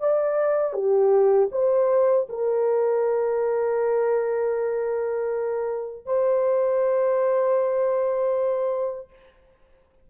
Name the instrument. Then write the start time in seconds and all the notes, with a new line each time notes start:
horn
0.00 D5
0.73 G4
1.52 C5
2.29 A#4
6.06 C5